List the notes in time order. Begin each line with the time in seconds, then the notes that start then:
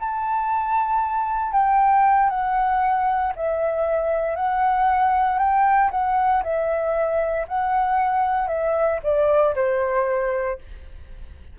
0.00 A5
1.53 G5
2.30 F#5
3.36 E5
4.36 F#5
5.39 G5
5.92 F#5
6.44 E5
7.48 F#5
8.48 E5
9.03 D5
9.55 C5